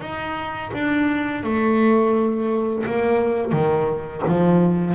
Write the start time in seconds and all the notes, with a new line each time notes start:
0.00 D#4
0.73 D4
1.43 A3
2.86 A#3
3.52 D#3
4.27 F3